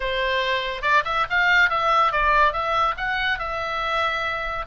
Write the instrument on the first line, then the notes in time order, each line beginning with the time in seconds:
oboe
0.00 C5
0.82 D5
1.04 E5
1.30 F5
1.69 E5
2.11 D5
2.52 E5
2.97 F#5
3.39 E5